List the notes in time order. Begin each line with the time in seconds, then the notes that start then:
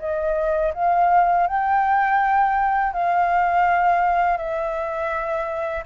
0.00 D#5
0.74 F5
1.48 G5
2.93 F5
4.38 E5